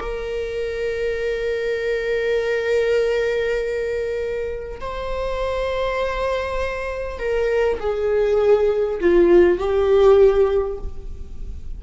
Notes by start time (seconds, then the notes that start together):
0.00 A#4
4.81 C5
7.19 A#4
7.80 G#4
9.01 F4
9.58 G4